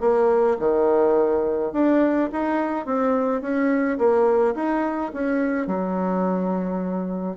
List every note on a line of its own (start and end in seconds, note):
0.00 0.57 A#3
0.59 1.72 D#3
1.72 2.29 D4
2.32 2.85 D#4
2.85 3.41 C4
3.41 3.98 C#4
3.98 4.54 A#3
4.55 5.11 D#4
5.13 5.66 C#4
5.66 7.36 F#3